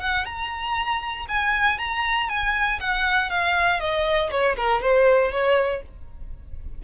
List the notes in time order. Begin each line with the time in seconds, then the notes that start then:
0.00 F#5
0.25 A#5
1.28 G#5
1.78 A#5
2.29 G#5
2.80 F#5
3.29 F5
3.80 D#5
4.30 C#5
4.56 A#4
4.81 C5
5.31 C#5